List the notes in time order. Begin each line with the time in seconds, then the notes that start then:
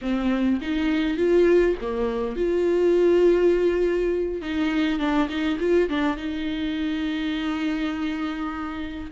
0.01 C4
0.61 D#4
1.17 F4
1.81 A#3
2.36 F4
4.41 D#4
4.99 D4
5.28 D#4
5.59 F4
5.89 D4
6.16 D#4